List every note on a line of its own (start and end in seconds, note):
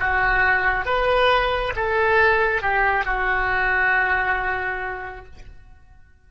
0.00 0.86 F#4
0.86 1.74 B4
1.76 2.62 A4
2.62 3.05 G4
3.05 5.26 F#4